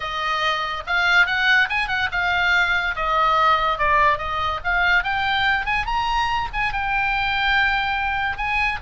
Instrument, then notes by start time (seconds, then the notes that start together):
oboe
0.00 D#5
0.86 F5
1.26 F#5
1.69 G#5
1.88 F#5
2.11 F5
2.95 D#5
3.78 D5
4.18 D#5
4.63 F5
5.03 G5
5.65 G#5
5.86 A#5
6.53 G#5
6.72 G5
8.37 G#5